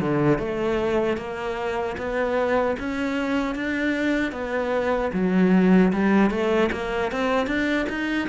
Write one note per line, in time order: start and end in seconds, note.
0.00 0.38 D3
0.38 1.17 A3
1.17 1.96 A#3
1.97 2.76 B3
2.79 3.55 C#4
3.55 4.32 D4
4.32 5.11 B3
5.13 5.92 F#3
5.93 6.31 G3
6.31 6.70 A3
6.72 7.12 A#3
7.12 7.47 C4
7.47 7.86 D4
7.89 8.29 D#4